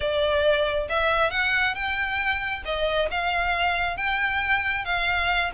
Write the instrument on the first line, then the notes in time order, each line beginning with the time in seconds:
violin
0.00 D5
0.89 E5
1.30 F#5
1.74 G5
2.65 D#5
3.10 F5
3.96 G5
4.84 F5